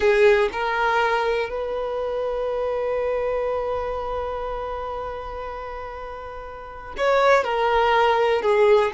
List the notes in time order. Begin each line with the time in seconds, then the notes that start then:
0.00 G#4
0.52 A#4
1.49 B4
6.97 C#5
7.44 A#4
8.42 G#4